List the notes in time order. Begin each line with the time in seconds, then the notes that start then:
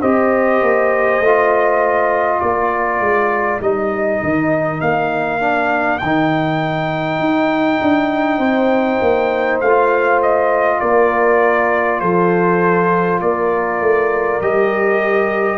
0.00 C4 G4 C5 D#5
0.62 A#3
1.19 A3 F4
2.39 A#3 A#4 D5
3.00 G#3
3.60 G3 D#4 D#5
4.22 D#3
4.80 A#3 F5
5.40 D4
5.98 D#3 G5
6.04 D#4
7.19 D#4
7.82 D4
8.38 C4 C5
9.01 A#3
9.60 A3 F4 F5
10.22 D#5
10.80 A#3 A#4 D5
12.00 F3 A4 C5
13.21 A#3 A#4 D5
13.80 A3
14.41 G3 G4 D#5